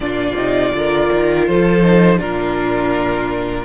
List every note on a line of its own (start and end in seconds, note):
0.00 0.32 A#2
0.00 0.36 D4
0.00 0.76 F4
0.00 1.44 D5
0.35 0.71 C3
0.35 0.72 D#4
0.72 1.09 D3
0.72 1.82 F4
0.72 1.48 A#4
1.12 1.48 D#3
1.46 2.20 F3
1.46 2.18 A4
1.46 2.19 C5
1.82 2.18 D#4
2.18 3.65 A#2
2.18 3.64 D4
2.18 3.64 F4
2.18 3.65 A#4